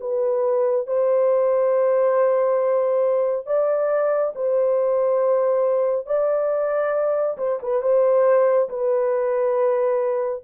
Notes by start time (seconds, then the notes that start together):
0.00 B4
0.87 C5
3.46 D5
4.34 C5
6.06 D5
7.37 C5
7.62 B4
7.81 C5
8.69 B4